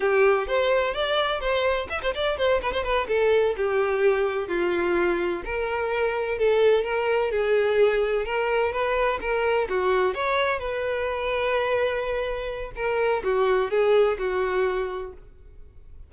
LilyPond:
\new Staff \with { instrumentName = "violin" } { \time 4/4 \tempo 4 = 127 g'4 c''4 d''4 c''4 | e''16 c''16 d''8 c''8 b'16 c''16 b'8 a'4 g'8~ | g'4. f'2 ais'8~ | ais'4. a'4 ais'4 gis'8~ |
gis'4. ais'4 b'4 ais'8~ | ais'8 fis'4 cis''4 b'4.~ | b'2. ais'4 | fis'4 gis'4 fis'2 | }